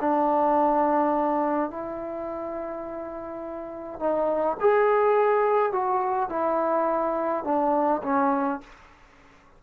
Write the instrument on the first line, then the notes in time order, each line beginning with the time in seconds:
trombone
0.00 D4
1.70 E4
3.99 D#4
4.60 G#4
5.72 F#4
6.29 E4
7.44 D4
8.03 C#4